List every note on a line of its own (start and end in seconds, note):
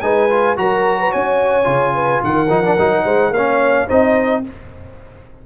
0.00 0.57 G#3
0.00 0.29 D#4
0.00 0.57 B4
0.00 0.55 G#5
0.29 0.56 F4
0.56 1.13 F#3
0.56 1.64 F#4
0.56 0.99 A#4
0.56 1.12 A#5
0.99 1.11 B4
1.11 1.66 C#4
1.11 1.93 C#5
1.11 2.22 G#5
1.64 2.21 C#3
1.64 2.46 F4
1.94 2.22 B4
2.23 2.50 D#3
2.23 3.04 A#4
2.23 3.33 F#5
2.49 2.77 F3
2.49 2.63 D#4
2.63 2.77 D4
2.78 3.04 F#3
2.78 3.33 D#4
3.04 3.30 G#3
3.04 3.31 C5
3.30 3.85 A#3
3.30 3.87 C#5
3.30 3.88 F5
3.36 3.88 C#4
3.87 4.45 C4
3.87 4.43 D#4
3.87 4.42 C5
3.87 4.44 D#5